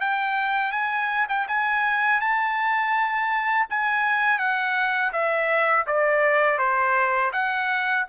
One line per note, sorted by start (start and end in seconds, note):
0.00 0.72 G5
0.72 1.27 G#5
1.29 1.47 G5
1.48 2.21 G#5
2.21 3.67 A5
3.70 4.39 G#5
4.39 5.12 F#5
5.13 5.86 E5
5.87 6.58 D5
6.58 7.31 C5
7.33 8.06 F#5